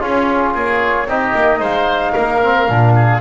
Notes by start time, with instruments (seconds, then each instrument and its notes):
0.00 oboe C#4, double bass C#4, trombone F4, flute G#4
0.54 double bass A#3, oboe G#4, flute C#5
1.06 double bass C4, trombone D#4, oboe G4, flute D#5
1.35 double bass A#3
1.60 double bass G#3, oboe C5, flute F5
2.13 double bass A#3, oboe A#4
2.43 trombone C4
2.68 double bass A#2, trombone D4
2.96 oboe G#4